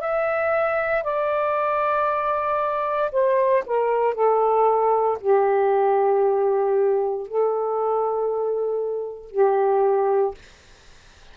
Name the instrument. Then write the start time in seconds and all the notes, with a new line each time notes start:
saxophone
0.00 E5
1.03 D5
3.11 C5
3.65 A#4
4.14 A4
5.20 G4
7.27 A4
9.31 G4